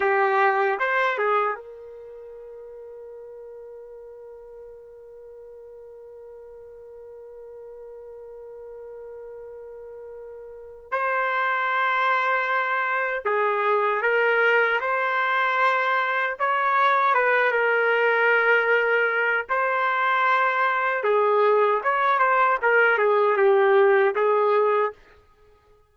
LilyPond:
\new Staff \with { instrumentName = "trumpet" } { \time 4/4 \tempo 4 = 77 g'4 c''8 gis'8 ais'2~ | ais'1~ | ais'1~ | ais'2 c''2~ |
c''4 gis'4 ais'4 c''4~ | c''4 cis''4 b'8 ais'4.~ | ais'4 c''2 gis'4 | cis''8 c''8 ais'8 gis'8 g'4 gis'4 | }